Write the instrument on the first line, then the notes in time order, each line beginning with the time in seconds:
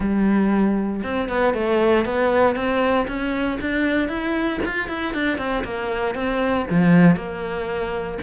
cello
0.00 G3
1.03 C4
1.28 B3
1.54 A3
2.05 B3
2.55 C4
3.07 C#4
3.61 D4
4.08 E4
4.65 F4
4.88 E4
5.14 D4
5.38 C4
5.63 A#3
6.14 C4
6.70 F3
7.16 A#3